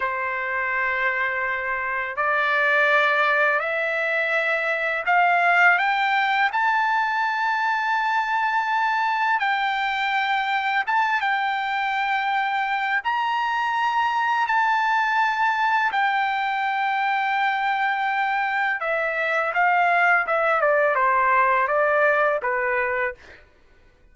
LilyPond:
\new Staff \with { instrumentName = "trumpet" } { \time 4/4 \tempo 4 = 83 c''2. d''4~ | d''4 e''2 f''4 | g''4 a''2.~ | a''4 g''2 a''8 g''8~ |
g''2 ais''2 | a''2 g''2~ | g''2 e''4 f''4 | e''8 d''8 c''4 d''4 b'4 | }